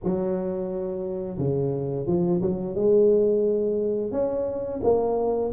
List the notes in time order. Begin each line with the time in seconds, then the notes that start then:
0.03 F#3
1.38 C#3
2.06 F3
2.41 F#3
2.75 G#3
4.11 C#4
4.83 A#3